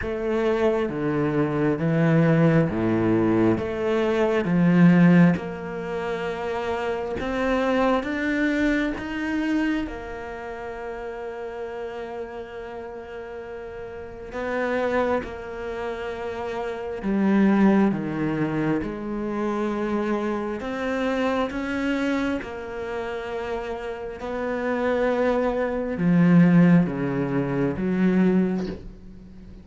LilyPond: \new Staff \with { instrumentName = "cello" } { \time 4/4 \tempo 4 = 67 a4 d4 e4 a,4 | a4 f4 ais2 | c'4 d'4 dis'4 ais4~ | ais1 |
b4 ais2 g4 | dis4 gis2 c'4 | cis'4 ais2 b4~ | b4 f4 cis4 fis4 | }